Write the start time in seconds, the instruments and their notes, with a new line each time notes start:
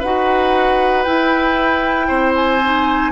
0.00 bassoon D#4, clarinet F#4, oboe B4, flute F#5
1.03 clarinet E4, bassoon E4, flute G5
2.08 bassoon C4, oboe C5
2.36 flute G#5
2.64 clarinet D#4